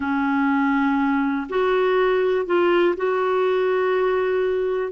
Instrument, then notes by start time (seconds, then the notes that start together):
clarinet
0.00 C#4
1.49 F#4
2.45 F4
2.96 F#4